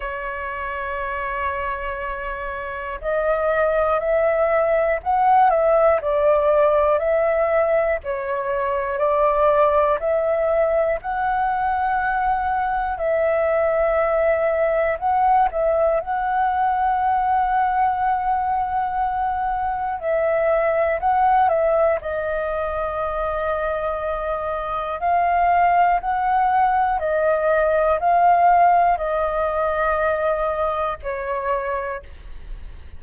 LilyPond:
\new Staff \with { instrumentName = "flute" } { \time 4/4 \tempo 4 = 60 cis''2. dis''4 | e''4 fis''8 e''8 d''4 e''4 | cis''4 d''4 e''4 fis''4~ | fis''4 e''2 fis''8 e''8 |
fis''1 | e''4 fis''8 e''8 dis''2~ | dis''4 f''4 fis''4 dis''4 | f''4 dis''2 cis''4 | }